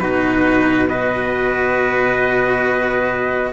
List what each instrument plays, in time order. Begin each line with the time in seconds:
0.00 cello B2 D#4, trumpet F#4 B4
0.89 cello F#4, trumpet B4 D#5